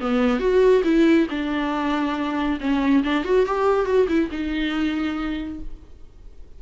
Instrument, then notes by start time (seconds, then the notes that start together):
viola
0.00 B3
0.39 F#4
0.84 E4
1.30 D4
2.60 C#4
3.04 D4
3.24 F#4
3.46 G4
3.85 F#4
4.08 E4
4.31 D#4